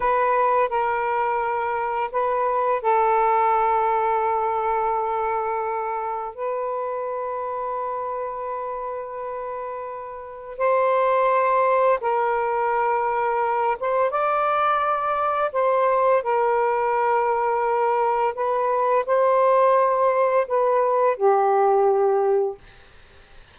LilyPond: \new Staff \with { instrumentName = "saxophone" } { \time 4/4 \tempo 4 = 85 b'4 ais'2 b'4 | a'1~ | a'4 b'2.~ | b'2. c''4~ |
c''4 ais'2~ ais'8 c''8 | d''2 c''4 ais'4~ | ais'2 b'4 c''4~ | c''4 b'4 g'2 | }